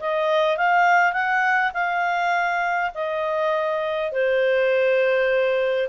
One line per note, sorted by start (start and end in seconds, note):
0.00 0.57 D#5
0.57 1.13 F5
1.13 1.71 F#5
1.74 2.91 F5
2.94 4.12 D#5
4.12 5.89 C5